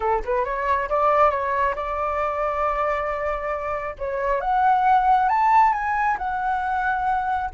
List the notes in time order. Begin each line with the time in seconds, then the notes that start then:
0.00 A4
0.24 B4
0.44 C#5
0.89 D5
1.30 C#5
1.75 D5
3.98 C#5
4.40 F#5
5.28 A5
5.73 G#5
6.18 F#5